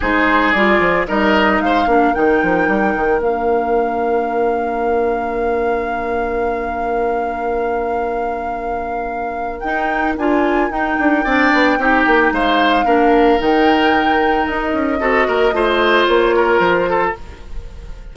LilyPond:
<<
  \new Staff \with { instrumentName = "flute" } { \time 4/4 \tempo 4 = 112 c''4 d''4 dis''4 f''4 | g''2 f''2~ | f''1~ | f''1~ |
f''2 g''4 gis''4 | g''2. f''4~ | f''4 g''2 dis''4~ | dis''2 cis''4 c''4 | }
  \new Staff \with { instrumentName = "oboe" } { \time 4/4 gis'2 ais'4 c''8 ais'8~ | ais'1~ | ais'1~ | ais'1~ |
ais'1~ | ais'4 d''4 g'4 c''4 | ais'1 | a'8 ais'8 c''4. ais'4 a'8 | }
  \new Staff \with { instrumentName = "clarinet" } { \time 4/4 dis'4 f'4 dis'4. d'8 | dis'2 d'2~ | d'1~ | d'1~ |
d'2 dis'4 f'4 | dis'4 d'4 dis'2 | d'4 dis'2. | fis'4 f'2. | }
  \new Staff \with { instrumentName = "bassoon" } { \time 4/4 gis4 g8 f8 g4 gis8 ais8 | dis8 f8 g8 dis8 ais2~ | ais1~ | ais1~ |
ais2 dis'4 d'4 | dis'8 d'8 c'8 b8 c'8 ais8 gis4 | ais4 dis2 dis'8 cis'8 | c'8 ais8 a4 ais4 f4 | }
>>